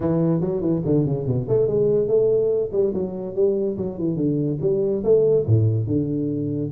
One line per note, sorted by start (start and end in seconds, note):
0.00 0.40 E3
0.40 0.60 F#3
0.60 0.81 E3
0.85 1.05 D3
1.05 1.26 C#3
1.26 1.47 B2
1.48 1.67 A3
1.67 2.07 G#3
2.07 2.70 A3
2.72 2.93 G3
2.93 3.35 F#3
3.35 3.76 G3
3.77 3.98 F#3
3.98 4.16 E3
4.16 4.58 D3
4.61 5.03 G3
5.04 5.46 A3
5.46 5.86 A2
5.86 6.70 D3